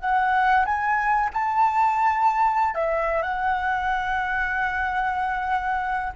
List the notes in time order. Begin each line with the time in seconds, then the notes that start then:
0.00 F#5
0.65 G#5
1.33 A5
2.74 E5
3.22 F#5